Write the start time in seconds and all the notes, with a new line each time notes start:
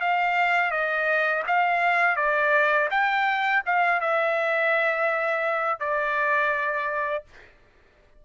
0.00 F5
0.70 D#5
1.47 F5
2.16 D5
2.90 G5
3.65 F5
4.00 E5
5.79 D5